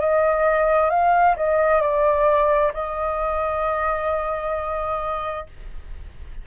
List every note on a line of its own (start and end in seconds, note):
0.00 0.90 D#5
0.90 1.36 F5
1.36 1.81 D#5
1.81 2.72 D5
2.74 5.46 D#5